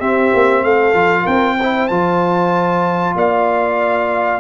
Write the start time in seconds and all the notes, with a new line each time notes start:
0.00 C4 G4 E5
0.34 A#3
0.64 A3 A4 F5
0.94 F3 F4
1.22 C4 A#4 G5
1.60 E4 C5
1.88 F3 F4 A5
3.15 A#3 D5 F5